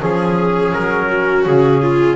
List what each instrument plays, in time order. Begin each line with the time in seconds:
0.00 double bass F3, trombone C#4, viola G#4, trumpet G#4
0.73 double bass F#3, trumpet A#4
1.09 viola F#4
1.47 double bass C#3, trumpet G#4
1.83 viola F4